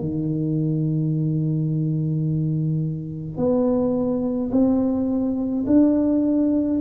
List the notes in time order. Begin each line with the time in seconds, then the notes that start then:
0.00 D#3
3.37 B3
4.51 C4
5.67 D4